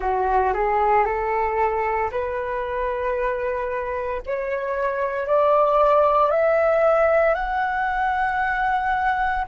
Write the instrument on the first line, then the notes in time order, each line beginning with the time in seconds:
flute
0.00 F#4
0.53 G#4
1.05 A4
2.11 B4
4.25 C#5
5.26 D5
6.30 E5
7.34 F#5